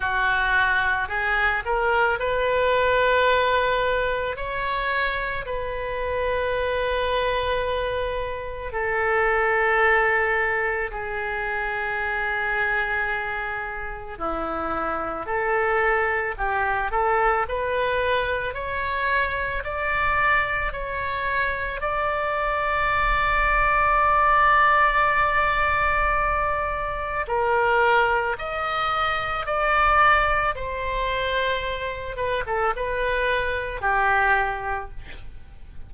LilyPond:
\new Staff \with { instrumentName = "oboe" } { \time 4/4 \tempo 4 = 55 fis'4 gis'8 ais'8 b'2 | cis''4 b'2. | a'2 gis'2~ | gis'4 e'4 a'4 g'8 a'8 |
b'4 cis''4 d''4 cis''4 | d''1~ | d''4 ais'4 dis''4 d''4 | c''4. b'16 a'16 b'4 g'4 | }